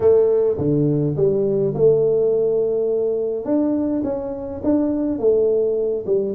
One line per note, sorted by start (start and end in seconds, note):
0.00 0.57 A3
0.57 1.15 D3
1.16 1.74 G3
1.74 3.45 A3
3.45 4.02 D4
4.03 4.61 C#4
4.63 5.18 D4
5.18 6.05 A3
6.06 6.35 G3